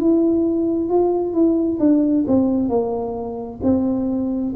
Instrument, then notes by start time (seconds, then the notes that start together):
tuba
0.00 E4
0.90 F4
1.33 E4
1.79 D4
2.27 C4
2.69 A#3
3.63 C4